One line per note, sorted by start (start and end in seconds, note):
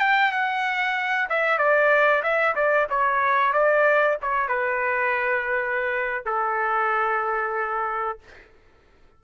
0.00 0.32 G5
0.32 1.29 F#5
1.30 1.59 E5
1.59 2.23 D5
2.23 2.55 E5
2.56 2.88 D5
2.90 3.53 C#5
3.53 4.18 D5
4.22 4.49 C#5
4.49 6.26 B4
6.26 8.19 A4